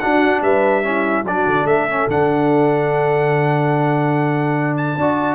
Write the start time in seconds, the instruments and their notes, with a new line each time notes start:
0.00 trombone D4, tuba D4, horn F#4, trumpet F#5
0.42 tuba G3, horn B4, trumpet E5
0.83 trombone C#4, horn E4
1.24 tuba F#3, trombone D4, horn F#4, trumpet D5
1.47 tuba D3
1.65 tuba A3, horn A4, trumpet E5
1.90 trombone C#4
2.08 tuba D3, trombone D4, trumpet F#5
4.77 trumpet A5
4.97 tuba D4, trombone F#4, horn D5